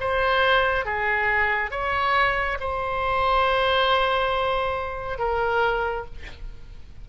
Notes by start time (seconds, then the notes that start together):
0.00 C5
0.85 G#4
1.71 C#5
2.60 C5
5.18 A#4